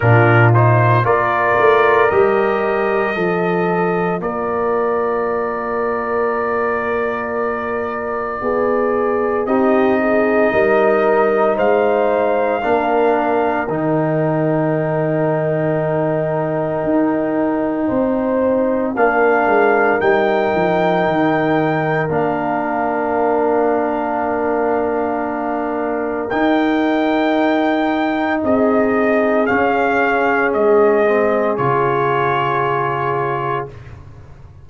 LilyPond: <<
  \new Staff \with { instrumentName = "trumpet" } { \time 4/4 \tempo 4 = 57 ais'8 c''8 d''4 dis''2 | d''1~ | d''4 dis''2 f''4~ | f''4 g''2.~ |
g''2 f''4 g''4~ | g''4 f''2.~ | f''4 g''2 dis''4 | f''4 dis''4 cis''2 | }
  \new Staff \with { instrumentName = "horn" } { \time 4/4 f'4 ais'2 a'4 | ais'1 | gis'4 g'8 gis'8 ais'4 c''4 | ais'1~ |
ais'4 c''4 ais'2~ | ais'1~ | ais'2. gis'4~ | gis'1 | }
  \new Staff \with { instrumentName = "trombone" } { \time 4/4 d'8 dis'8 f'4 g'4 f'4~ | f'1~ | f'4 dis'2. | d'4 dis'2.~ |
dis'2 d'4 dis'4~ | dis'4 d'2.~ | d'4 dis'2. | cis'4. c'8 f'2 | }
  \new Staff \with { instrumentName = "tuba" } { \time 4/4 ais,4 ais8 a8 g4 f4 | ais1 | b4 c'4 g4 gis4 | ais4 dis2. |
dis'4 c'4 ais8 gis8 g8 f8 | dis4 ais2.~ | ais4 dis'2 c'4 | cis'4 gis4 cis2 | }
>>